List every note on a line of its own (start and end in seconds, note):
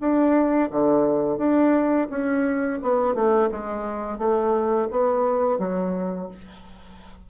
0.00 0.70 D4
0.70 1.38 D3
1.38 2.08 D4
2.10 2.79 C#4
2.82 3.14 B3
3.14 3.49 A3
3.51 4.18 G#3
4.18 4.88 A3
4.90 5.58 B3
5.58 6.28 F#3